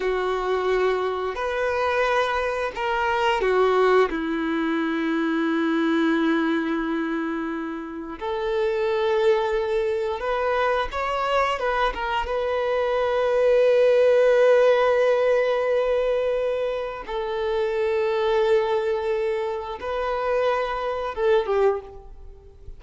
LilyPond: \new Staff \with { instrumentName = "violin" } { \time 4/4 \tempo 4 = 88 fis'2 b'2 | ais'4 fis'4 e'2~ | e'1 | a'2. b'4 |
cis''4 b'8 ais'8 b'2~ | b'1~ | b'4 a'2.~ | a'4 b'2 a'8 g'8 | }